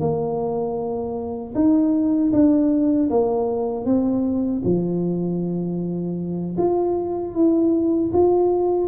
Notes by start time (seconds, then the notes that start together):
0.00 A#3
1.55 D#4
2.33 D4
3.10 A#3
3.85 C4
4.64 F3
6.58 F4
7.35 E4
8.13 F4